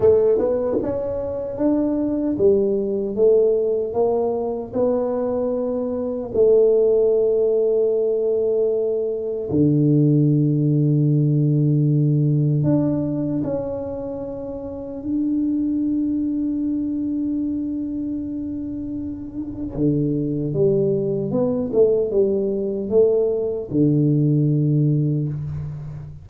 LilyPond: \new Staff \with { instrumentName = "tuba" } { \time 4/4 \tempo 4 = 76 a8 b8 cis'4 d'4 g4 | a4 ais4 b2 | a1 | d1 |
d'4 cis'2 d'4~ | d'1~ | d'4 d4 g4 b8 a8 | g4 a4 d2 | }